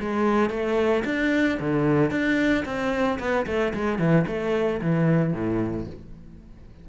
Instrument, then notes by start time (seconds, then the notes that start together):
cello
0.00 G#3
0.50 A3
1.05 D4
1.60 D3
2.11 D4
2.65 C4
3.19 B3
3.46 A3
3.73 G#3
3.99 E3
4.27 A3
4.81 E3
5.33 A2